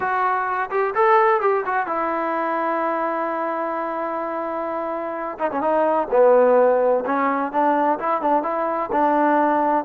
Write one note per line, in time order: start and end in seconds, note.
0.00 0.70 F#4
0.70 0.94 G4
0.94 1.41 A4
1.41 1.64 G4
1.65 1.86 F#4
1.86 5.38 E4
5.39 5.50 D#4
5.51 5.61 C#4
5.61 6.08 D#4
6.10 7.04 B3
7.05 7.52 C#4
7.52 7.99 D4
7.99 8.21 E4
8.21 8.43 D4
8.43 8.89 E4
8.92 9.85 D4